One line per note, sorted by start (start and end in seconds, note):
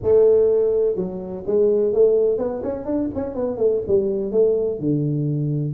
0.02 0.95 A3
0.95 1.43 F#3
1.46 1.93 G#3
1.93 2.38 A3
2.38 2.62 B3
2.63 2.85 C#4
2.85 3.09 D4
3.14 3.35 C#4
3.35 3.57 B3
3.57 3.81 A3
3.87 4.31 G3
4.31 4.79 A3
4.79 5.74 D3